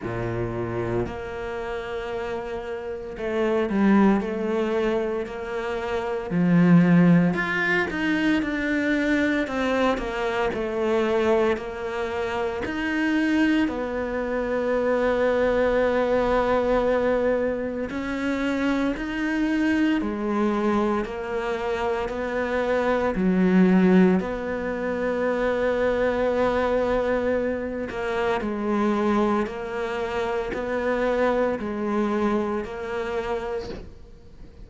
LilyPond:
\new Staff \with { instrumentName = "cello" } { \time 4/4 \tempo 4 = 57 ais,4 ais2 a8 g8 | a4 ais4 f4 f'8 dis'8 | d'4 c'8 ais8 a4 ais4 | dis'4 b2.~ |
b4 cis'4 dis'4 gis4 | ais4 b4 fis4 b4~ | b2~ b8 ais8 gis4 | ais4 b4 gis4 ais4 | }